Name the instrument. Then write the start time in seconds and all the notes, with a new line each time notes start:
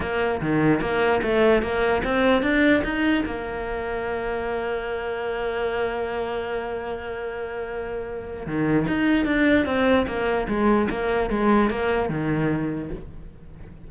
cello
0.00 A#3
0.41 D#3
0.81 A#3
1.22 A3
1.62 A#3
2.04 C4
2.42 D4
2.84 D#4
3.25 A#3
8.46 D#3
8.87 D#4
9.25 D4
9.65 C4
10.07 A#3
10.48 G#3
10.90 A#3
11.30 G#3
11.70 A#3
12.09 D#3